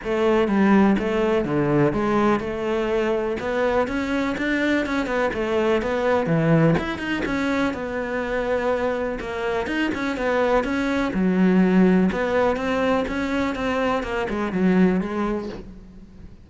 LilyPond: \new Staff \with { instrumentName = "cello" } { \time 4/4 \tempo 4 = 124 a4 g4 a4 d4 | gis4 a2 b4 | cis'4 d'4 cis'8 b8 a4 | b4 e4 e'8 dis'8 cis'4 |
b2. ais4 | dis'8 cis'8 b4 cis'4 fis4~ | fis4 b4 c'4 cis'4 | c'4 ais8 gis8 fis4 gis4 | }